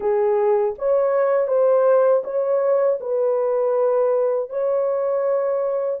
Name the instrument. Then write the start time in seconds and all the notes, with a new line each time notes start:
horn
0.00 G#4
0.78 C#5
1.47 C5
2.24 C#5
3.00 B4
4.49 C#5